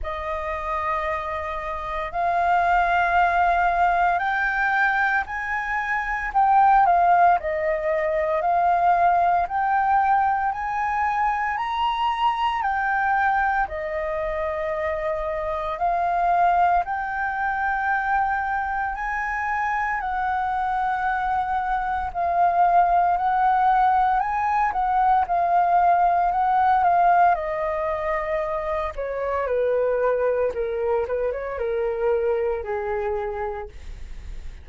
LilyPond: \new Staff \with { instrumentName = "flute" } { \time 4/4 \tempo 4 = 57 dis''2 f''2 | g''4 gis''4 g''8 f''8 dis''4 | f''4 g''4 gis''4 ais''4 | g''4 dis''2 f''4 |
g''2 gis''4 fis''4~ | fis''4 f''4 fis''4 gis''8 fis''8 | f''4 fis''8 f''8 dis''4. cis''8 | b'4 ais'8 b'16 cis''16 ais'4 gis'4 | }